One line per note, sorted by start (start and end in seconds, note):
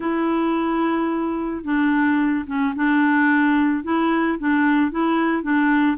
0.00 1.64 E4
1.64 2.45 D4
2.46 2.73 C#4
2.75 3.83 D4
3.83 4.38 E4
4.38 4.91 D4
4.91 5.42 E4
5.42 5.97 D4